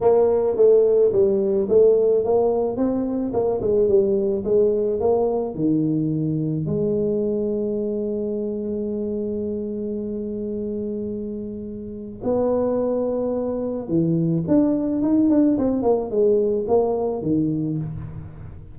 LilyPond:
\new Staff \with { instrumentName = "tuba" } { \time 4/4 \tempo 4 = 108 ais4 a4 g4 a4 | ais4 c'4 ais8 gis8 g4 | gis4 ais4 dis2 | gis1~ |
gis1~ | gis2 b2~ | b4 e4 d'4 dis'8 d'8 | c'8 ais8 gis4 ais4 dis4 | }